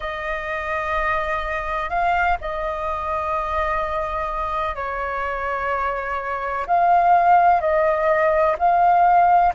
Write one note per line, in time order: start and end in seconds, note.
0.00 1.89 D#5
1.89 2.37 F5
2.41 4.75 D#5
4.75 6.65 C#5
6.67 7.61 F5
7.61 8.56 D#5
8.58 9.53 F5